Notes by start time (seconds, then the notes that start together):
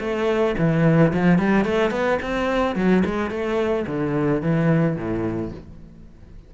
0.00 A3
0.58 E3
1.13 F3
1.38 G3
1.65 A3
1.91 B3
2.22 C4
2.75 F#3
3.05 G#3
3.30 A3
3.87 D3
4.42 E3
4.96 A2